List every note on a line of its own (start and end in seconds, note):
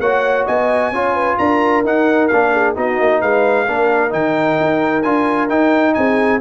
0.00 0.46 A#3
0.00 0.94 F#4
0.00 0.46 C#5
0.00 0.47 F#5
0.46 0.92 B3
0.46 0.92 D#5
0.46 1.38 G#5
0.92 1.37 C#4
0.92 1.86 F4
0.92 1.14 C#5
1.14 1.37 B4
1.38 1.84 D4
1.38 2.53 A#4
1.38 1.84 A#5
1.84 2.30 D#4
1.84 2.31 D#4
1.84 2.28 F#5
2.28 2.77 A#3
2.28 2.76 D4
2.28 2.74 F5
2.53 2.76 G#4
2.76 3.00 B3
2.76 3.67 D#4
2.76 3.21 F#4
2.76 3.22 D#5
3.00 3.23 A#3
3.21 3.68 G#3
3.21 3.65 B4
3.21 4.13 F5
3.65 4.13 A#3
3.65 4.10 D4
3.65 5.94 A#4
4.10 4.59 D#3
4.10 5.02 D#4
4.10 5.03 G5
4.61 5.05 D#4
5.03 5.50 D4
5.03 5.49 F4
5.03 5.49 G#5
5.49 6.41 D#4
5.49 5.96 D#4
5.49 5.95 G5
5.95 6.41 C4
5.95 6.41 G#4
5.95 6.40 G#5